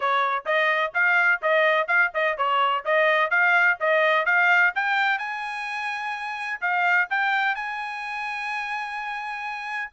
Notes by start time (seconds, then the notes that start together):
0.00 C#5
0.45 D#5
0.93 F5
1.42 D#5
1.87 F5
2.13 D#5
2.37 C#5
2.84 D#5
3.30 F5
3.80 D#5
4.25 F5
4.75 G5
5.18 G#5
6.61 F5
7.10 G5
7.55 G#5